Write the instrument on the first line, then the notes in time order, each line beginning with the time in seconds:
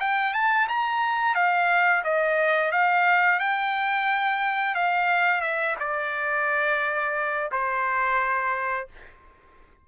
trumpet
0.00 G5
0.33 A5
0.68 A#5
1.35 F5
2.04 D#5
2.71 F5
3.39 G5
4.75 F5
5.41 E5
5.79 D5
7.51 C5